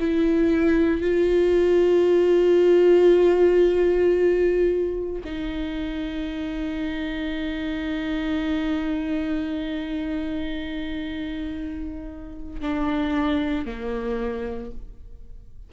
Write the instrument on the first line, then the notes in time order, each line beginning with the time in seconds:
viola
0.00 E4
1.01 F4
5.24 D#4
12.61 D4
13.66 A#3